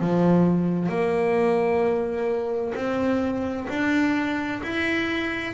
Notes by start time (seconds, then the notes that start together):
0.00 F3
0.89 A#3
2.75 C4
3.69 D4
4.63 E4